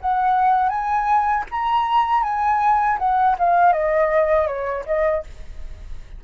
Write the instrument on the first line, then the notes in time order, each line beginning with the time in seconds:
flute
0.00 F#5
0.69 G#5
1.50 A#5
2.23 G#5
2.98 F#5
3.38 F5
3.72 D#5
4.47 C#5
4.85 D#5